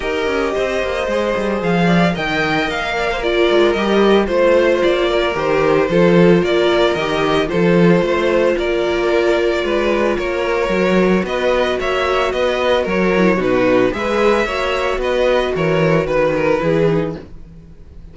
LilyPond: <<
  \new Staff \with { instrumentName = "violin" } { \time 4/4 \tempo 4 = 112 dis''2. f''4 | g''4 f''4 d''4 dis''4 | c''4 d''4 c''2 | d''4 dis''4 c''2 |
d''2. cis''4~ | cis''4 dis''4 e''4 dis''4 | cis''4 b'4 e''2 | dis''4 cis''4 b'2 | }
  \new Staff \with { instrumentName = "violin" } { \time 4/4 ais'4 c''2~ c''8 d''8 | dis''4. d''16 c''16 ais'2 | c''4. ais'4. a'4 | ais'2 a'4 c''4 |
ais'2 b'4 ais'4~ | ais'4 b'4 cis''4 b'4 | ais'4 fis'4 b'4 cis''4 | b'4 ais'4 b'8 ais'8 gis'4 | }
  \new Staff \with { instrumentName = "viola" } { \time 4/4 g'2 gis'2 | ais'2 f'4 g'4 | f'2 g'4 f'4~ | f'4 g'4 f'2~ |
f'1 | fis'1~ | fis'8 e'8 dis'4 gis'4 fis'4~ | fis'2. e'8 dis'8 | }
  \new Staff \with { instrumentName = "cello" } { \time 4/4 dis'8 cis'8 c'8 ais8 gis8 g8 f4 | dis4 ais4. gis8 g4 | a4 ais4 dis4 f4 | ais4 dis4 f4 a4 |
ais2 gis4 ais4 | fis4 b4 ais4 b4 | fis4 b,4 gis4 ais4 | b4 e4 dis4 e4 | }
>>